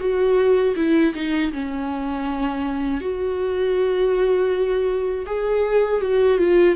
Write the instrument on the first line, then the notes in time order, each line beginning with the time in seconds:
viola
0.00 F#4
0.76 E4
1.15 D#4
1.53 C#4
3.01 F#4
5.26 G#4
6.02 F#4
6.39 F4